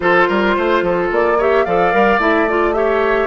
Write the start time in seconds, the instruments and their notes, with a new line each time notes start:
0.00 bassoon F3, clarinet F4, oboe A4, flute C5
0.28 bassoon G3, oboe A#4
0.56 bassoon A3, oboe C5
0.82 bassoon F3, oboe A4
1.11 bassoon A#3, flute D5
1.38 clarinet G4, oboe C#5, flute E5
1.65 bassoon F3, clarinet A4, oboe D5, flute F5
1.92 bassoon G3, clarinet A#4
2.18 bassoon A3, clarinet E4, flute E5
2.48 clarinet F4, flute D5
2.73 clarinet G4, oboe C#5, flute E5